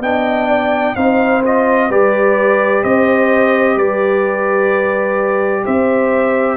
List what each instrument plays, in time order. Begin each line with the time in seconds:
0.00 tuba B3, trombone D4, horn D#5, trumpet G5
0.48 horn D5
0.95 tuba C4, trombone D#4, horn C5, trumpet F5
1.44 trombone F4, trumpet D#5
1.89 tuba G3, trombone G4, horn B4, trumpet D5
2.82 tuba C4, horn C5, trumpet D#5
3.76 tuba G3, horn B4, trumpet D5
5.64 tuba C4, horn C5, trumpet E5